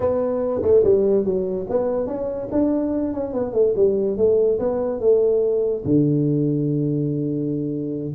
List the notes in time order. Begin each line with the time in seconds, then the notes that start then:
0.00 B3
0.62 A3
0.84 G3
1.24 F#3
1.69 B3
2.06 C#4
2.51 D4
3.13 C#4
3.33 B3
3.53 A3
3.76 G3
4.17 A3
4.59 B3
5.00 A3
5.84 D3